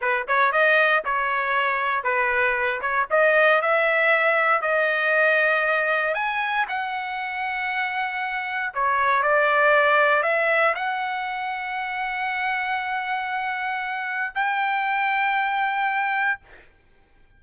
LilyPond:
\new Staff \with { instrumentName = "trumpet" } { \time 4/4 \tempo 4 = 117 b'8 cis''8 dis''4 cis''2 | b'4. cis''8 dis''4 e''4~ | e''4 dis''2. | gis''4 fis''2.~ |
fis''4 cis''4 d''2 | e''4 fis''2.~ | fis''1 | g''1 | }